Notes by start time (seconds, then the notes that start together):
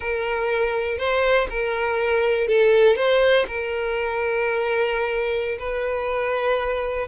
0.00 A#4
0.98 C5
1.49 A#4
2.47 A4
2.96 C5
3.47 A#4
5.58 B4